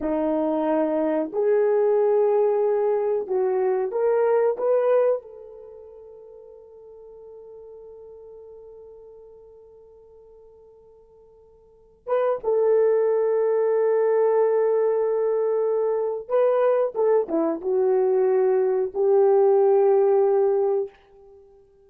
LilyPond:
\new Staff \with { instrumentName = "horn" } { \time 4/4 \tempo 4 = 92 dis'2 gis'2~ | gis'4 fis'4 ais'4 b'4 | a'1~ | a'1~ |
a'2~ a'8 b'8 a'4~ | a'1~ | a'4 b'4 a'8 e'8 fis'4~ | fis'4 g'2. | }